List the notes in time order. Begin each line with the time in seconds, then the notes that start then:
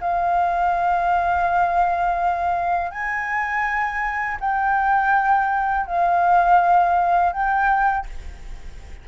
0.00 F5
2.91 G#5
4.40 G5
5.86 F5
7.32 G5